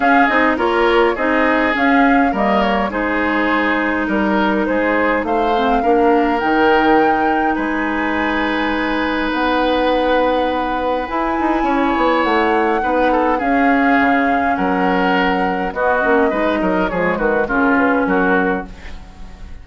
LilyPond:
<<
  \new Staff \with { instrumentName = "flute" } { \time 4/4 \tempo 4 = 103 f''8 dis''8 cis''4 dis''4 f''4 | dis''8 cis''8 c''2 ais'4 | c''4 f''2 g''4~ | g''4 gis''2. |
fis''2. gis''4~ | gis''4 fis''2 f''4~ | f''4 fis''2 dis''4~ | dis''4 cis''8 b'8 ais'8 b'8 ais'4 | }
  \new Staff \with { instrumentName = "oboe" } { \time 4/4 gis'4 ais'4 gis'2 | ais'4 gis'2 ais'4 | gis'4 c''4 ais'2~ | ais'4 b'2.~ |
b'1 | cis''2 b'8 a'8 gis'4~ | gis'4 ais'2 fis'4 | b'8 ais'8 gis'8 fis'8 f'4 fis'4 | }
  \new Staff \with { instrumentName = "clarinet" } { \time 4/4 cis'8 dis'8 f'4 dis'4 cis'4 | ais4 dis'2.~ | dis'4. c'8 d'4 dis'4~ | dis'1~ |
dis'2. e'4~ | e'2 dis'4 cis'4~ | cis'2. b8 cis'8 | dis'4 gis4 cis'2 | }
  \new Staff \with { instrumentName = "bassoon" } { \time 4/4 cis'8 c'8 ais4 c'4 cis'4 | g4 gis2 g4 | gis4 a4 ais4 dis4~ | dis4 gis2. |
b2. e'8 dis'8 | cis'8 b8 a4 b4 cis'4 | cis4 fis2 b8 ais8 | gis8 fis8 f8 dis8 cis4 fis4 | }
>>